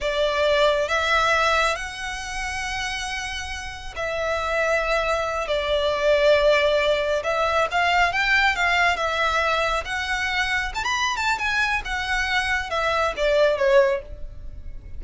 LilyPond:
\new Staff \with { instrumentName = "violin" } { \time 4/4 \tempo 4 = 137 d''2 e''2 | fis''1~ | fis''4 e''2.~ | e''8 d''2.~ d''8~ |
d''8 e''4 f''4 g''4 f''8~ | f''8 e''2 fis''4.~ | fis''8 a''16 b''8. a''8 gis''4 fis''4~ | fis''4 e''4 d''4 cis''4 | }